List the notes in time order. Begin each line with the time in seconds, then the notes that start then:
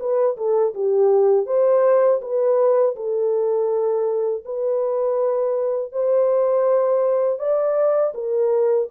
0.00 B4
0.37 A4
0.74 G4
1.47 C5
2.22 B4
2.96 A4
4.45 B4
5.93 C5
7.39 D5
8.15 A#4